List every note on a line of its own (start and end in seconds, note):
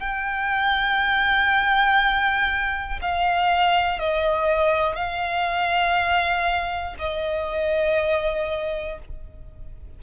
0.00 3.00 G5
3.02 3.99 F5
3.99 4.95 D#5
4.95 6.95 F5
6.99 8.99 D#5